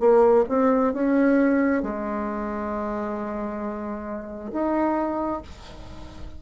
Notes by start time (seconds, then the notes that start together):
0.00 A#3
0.49 C4
0.94 C#4
1.83 G#3
4.53 D#4